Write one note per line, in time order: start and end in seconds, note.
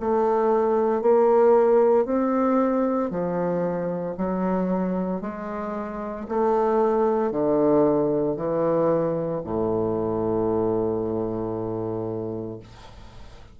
0.00 1.01 A3
1.01 2.05 A#3
2.05 3.11 C4
3.11 4.16 F3
4.17 5.22 F#3
5.22 6.27 G#3
6.29 7.31 A3
7.31 8.36 D3
8.36 9.42 E3
9.44 12.60 A2